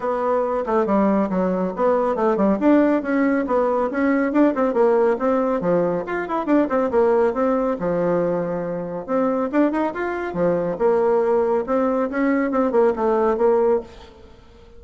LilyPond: \new Staff \with { instrumentName = "bassoon" } { \time 4/4 \tempo 4 = 139 b4. a8 g4 fis4 | b4 a8 g8 d'4 cis'4 | b4 cis'4 d'8 c'8 ais4 | c'4 f4 f'8 e'8 d'8 c'8 |
ais4 c'4 f2~ | f4 c'4 d'8 dis'8 f'4 | f4 ais2 c'4 | cis'4 c'8 ais8 a4 ais4 | }